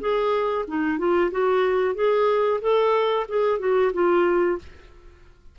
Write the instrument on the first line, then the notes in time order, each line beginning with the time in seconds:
clarinet
0.00 G#4
0.67 D#4
0.98 F4
1.31 F#4
1.95 G#4
2.61 A4
3.28 G#4
3.59 F#4
3.93 F4